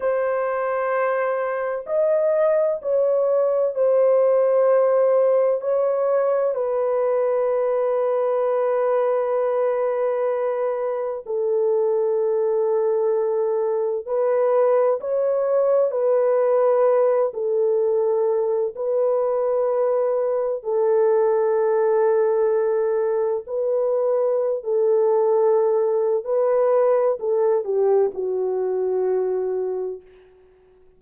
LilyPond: \new Staff \with { instrumentName = "horn" } { \time 4/4 \tempo 4 = 64 c''2 dis''4 cis''4 | c''2 cis''4 b'4~ | b'1 | a'2. b'4 |
cis''4 b'4. a'4. | b'2 a'2~ | a'4 b'4~ b'16 a'4.~ a'16 | b'4 a'8 g'8 fis'2 | }